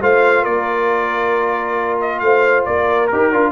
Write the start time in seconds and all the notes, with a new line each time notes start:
0.00 A3 F4 C5 F5
0.43 A#3 A#4 D5
2.01 D#5
2.19 A3 C5 F5
2.65 A#3 A#4 D5
3.07 D#4 G4 A#4
3.32 D4 F4